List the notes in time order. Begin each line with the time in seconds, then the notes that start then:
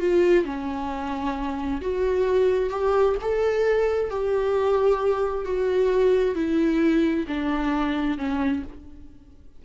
0.00 F4
0.45 C#4
1.82 F#4
2.70 G4
3.22 A4
4.11 G4
5.45 F#4
6.35 E4
7.28 D4
8.18 C#4